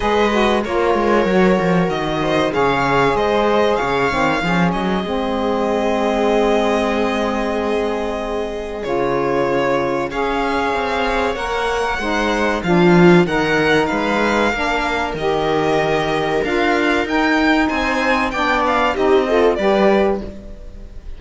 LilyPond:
<<
  \new Staff \with { instrumentName = "violin" } { \time 4/4 \tempo 4 = 95 dis''4 cis''2 dis''4 | f''4 dis''4 f''4. dis''8~ | dis''1~ | dis''2 cis''2 |
f''2 fis''2 | f''4 fis''4 f''2 | dis''2 f''4 g''4 | gis''4 g''8 f''8 dis''4 d''4 | }
  \new Staff \with { instrumentName = "viola" } { \time 4/4 b'4 ais'2~ ais'8 c''8 | cis''4 c''4 cis''4 gis'4~ | gis'1~ | gis'1 |
cis''2. c''4 | f'4 ais'4 b'4 ais'4~ | ais'1 | c''4 d''4 g'8 a'8 b'4 | }
  \new Staff \with { instrumentName = "saxophone" } { \time 4/4 gis'8 fis'8 f'4 fis'2 | gis'2~ gis'8 c'8 cis'4 | c'1~ | c'2 f'2 |
gis'2 ais'4 dis'4 | d'4 dis'2 d'4 | g'2 f'4 dis'4~ | dis'4 d'4 dis'8 f'8 g'4 | }
  \new Staff \with { instrumentName = "cello" } { \time 4/4 gis4 ais8 gis8 fis8 f8 dis4 | cis4 gis4 cis8 dis8 f8 fis8 | gis1~ | gis2 cis2 |
cis'4 c'4 ais4 gis4 | f4 dis4 gis4 ais4 | dis2 d'4 dis'4 | c'4 b4 c'4 g4 | }
>>